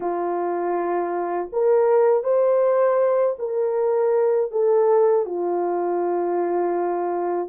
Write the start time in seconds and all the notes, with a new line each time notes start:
0.00 F4
1.52 A#4
2.23 C5
3.39 A#4
4.51 A4
5.25 F4